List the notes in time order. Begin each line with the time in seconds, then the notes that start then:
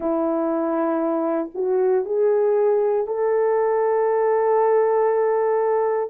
0.00 E4
1.54 F#4
2.05 G#4
3.06 A4